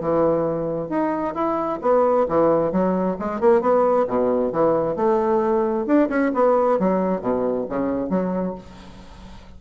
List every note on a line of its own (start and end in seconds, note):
0.00 0.89 E3
0.89 1.34 D#4
1.34 1.79 E4
1.81 2.27 B3
2.28 2.71 E3
2.71 3.17 F#3
3.19 3.40 G#3
3.40 3.61 A#3
3.61 4.06 B3
4.07 4.52 B2
4.52 4.96 E3
4.96 5.86 A3
5.86 6.09 D4
6.09 6.31 C#4
6.34 6.79 B3
6.79 7.21 F#3
7.21 7.66 B2
7.69 8.09 C#3
8.09 8.54 F#3